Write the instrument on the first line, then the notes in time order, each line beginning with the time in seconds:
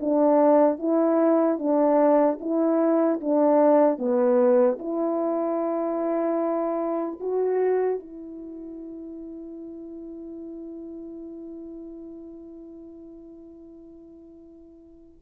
horn
0.00 D4
0.79 E4
1.59 D4
2.40 E4
3.21 D4
3.98 B3
4.79 E4
7.20 F#4
7.99 E4